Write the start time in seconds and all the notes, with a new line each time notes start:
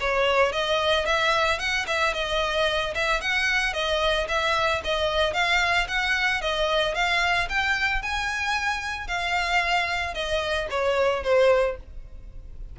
0.00 C#5
0.52 D#5
1.05 E5
1.59 F#5
1.87 E5
2.14 D#5
2.94 E5
3.21 F#5
3.73 D#5
4.28 E5
4.84 D#5
5.33 F5
5.88 F#5
6.41 D#5
6.94 F5
7.49 G5
8.02 G#5
9.07 F5
10.14 D#5
10.70 C#5
11.23 C5